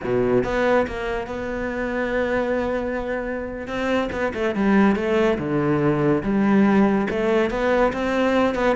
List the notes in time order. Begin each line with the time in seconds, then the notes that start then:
0.03 B2
0.44 B3
0.87 A#3
1.27 B3
3.67 C4
4.11 B3
4.34 A3
4.55 G3
4.95 A3
5.38 D3
6.23 G3
7.09 A3
7.50 B3
7.92 C4
8.55 B3